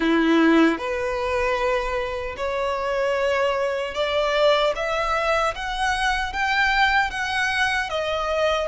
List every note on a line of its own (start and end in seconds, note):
0.00 0.78 E4
0.78 2.35 B4
2.36 3.94 C#5
3.94 4.73 D5
4.75 5.54 E5
5.55 6.32 F#5
6.32 7.10 G5
7.10 7.89 F#5
7.89 8.67 D#5